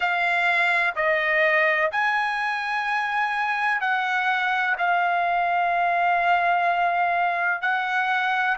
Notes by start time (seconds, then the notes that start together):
0.00 F5
0.95 D#5
1.91 G#5
3.81 F#5
4.78 F5
7.61 F#5